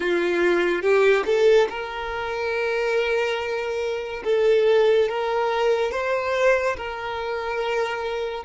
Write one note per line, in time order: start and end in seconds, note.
0.00 0.81 F4
0.81 1.24 G4
1.25 1.67 A4
1.69 4.23 A#4
4.24 5.08 A4
5.09 5.92 A#4
5.92 6.76 C5
6.76 8.44 A#4